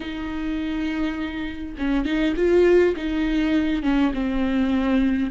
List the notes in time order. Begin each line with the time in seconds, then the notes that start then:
0.00 D#4
1.78 C#4
2.05 D#4
2.36 F4
2.96 D#4
3.82 C#4
4.13 C4